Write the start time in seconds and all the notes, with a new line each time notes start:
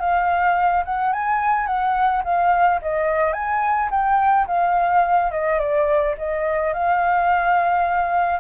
0.00 F5
0.85 F#5
1.13 G#5
1.67 F#5
2.24 F5
2.82 D#5
3.33 G#5
3.91 G5
4.47 F5
5.32 D#5
5.59 D5
6.18 D#5
6.73 F5